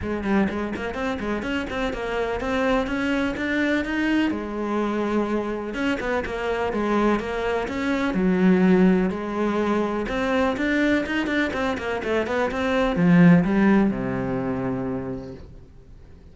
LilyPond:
\new Staff \with { instrumentName = "cello" } { \time 4/4 \tempo 4 = 125 gis8 g8 gis8 ais8 c'8 gis8 cis'8 c'8 | ais4 c'4 cis'4 d'4 | dis'4 gis2. | cis'8 b8 ais4 gis4 ais4 |
cis'4 fis2 gis4~ | gis4 c'4 d'4 dis'8 d'8 | c'8 ais8 a8 b8 c'4 f4 | g4 c2. | }